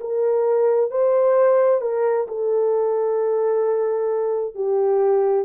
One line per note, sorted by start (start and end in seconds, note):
0.00 0.90 A#4
0.90 1.81 C5
1.81 2.26 A#4
2.27 4.55 A4
4.55 5.45 G4